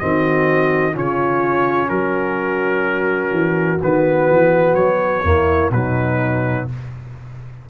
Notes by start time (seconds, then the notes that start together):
0.00 D#3 C4 F#4 D#5
0.93 C#3 C#4 F4 C#5
1.89 F#3 F#4 A#4
3.32 E3
3.83 D#3 B3 B4
4.30 E3
4.75 F#3 C#5
5.24 E2 A#3 E4
5.71 B2 F#3 D#4 B4